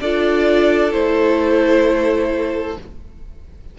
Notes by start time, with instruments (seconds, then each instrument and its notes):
0.00 cello D4, viola F4, violin A4 D5
0.92 cello A3, viola E4, violin C5